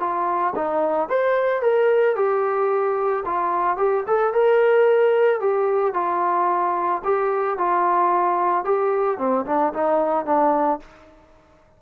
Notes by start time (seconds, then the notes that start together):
0.00 F4
0.56 D#4
1.09 C5
1.62 A#4
2.16 G4
3.26 F4
3.77 G4
4.07 A4
4.34 A#4
5.40 G4
5.94 F4
7.04 G4
7.58 F4
8.65 G4
9.18 C4
9.46 D4
9.74 D#4
10.26 D4